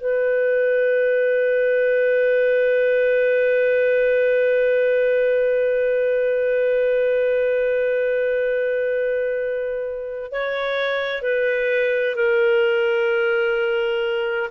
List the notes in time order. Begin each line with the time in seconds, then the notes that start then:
0.00 B4
10.31 C#5
11.22 B4
12.15 A#4